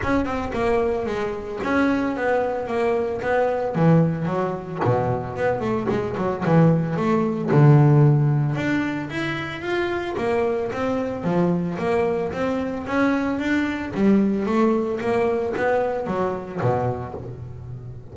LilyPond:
\new Staff \with { instrumentName = "double bass" } { \time 4/4 \tempo 4 = 112 cis'8 c'8 ais4 gis4 cis'4 | b4 ais4 b4 e4 | fis4 b,4 b8 a8 gis8 fis8 | e4 a4 d2 |
d'4 e'4 f'4 ais4 | c'4 f4 ais4 c'4 | cis'4 d'4 g4 a4 | ais4 b4 fis4 b,4 | }